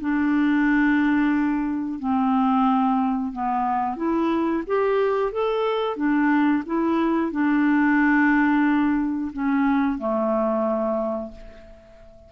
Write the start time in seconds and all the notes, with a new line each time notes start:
0.00 D4
1.99 C4
3.32 B3
3.96 E4
4.67 G4
5.32 A4
5.96 D4
6.66 E4
7.31 D4
9.33 C#4
9.98 A3